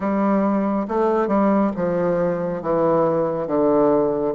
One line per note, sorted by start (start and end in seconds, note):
0.00 0.87 G3
0.87 1.27 A3
1.27 1.71 G3
1.76 2.62 F3
2.62 3.47 E3
3.47 4.34 D3